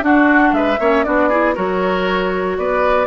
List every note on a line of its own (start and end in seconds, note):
0.00 0.76 D4
0.00 0.52 D4
0.00 0.54 F#4
0.00 0.53 F#5
0.52 0.77 G#3
0.52 0.79 B4
0.52 1.03 E5
0.79 1.05 A#3
0.79 1.05 C#4
0.79 1.05 C#5
1.03 1.57 B3
1.03 1.30 D4
1.03 1.28 F#4
1.03 1.54 D5
1.28 1.54 E4
1.28 1.54 G#4
1.54 2.57 F#3
1.54 3.07 F#4
1.54 2.56 A#4
1.54 2.58 C#5
2.57 3.07 B3
2.57 3.07 B4
2.57 3.07 D5